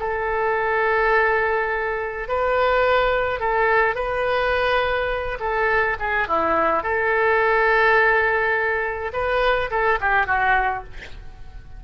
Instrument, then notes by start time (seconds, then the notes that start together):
oboe
0.00 A4
2.29 B4
3.40 A4
3.96 B4
5.40 A4
6.00 G#4
6.28 E4
6.84 A4
9.14 B4
9.71 A4
10.01 G4
10.27 F#4